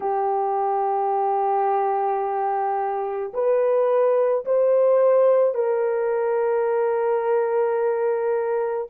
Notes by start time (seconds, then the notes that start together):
0.00 G4
3.33 B4
4.45 C5
5.54 A#4